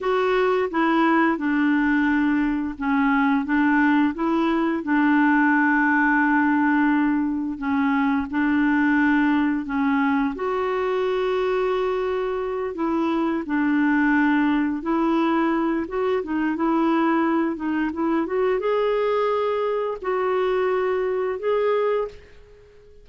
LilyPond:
\new Staff \with { instrumentName = "clarinet" } { \time 4/4 \tempo 4 = 87 fis'4 e'4 d'2 | cis'4 d'4 e'4 d'4~ | d'2. cis'4 | d'2 cis'4 fis'4~ |
fis'2~ fis'8 e'4 d'8~ | d'4. e'4. fis'8 dis'8 | e'4. dis'8 e'8 fis'8 gis'4~ | gis'4 fis'2 gis'4 | }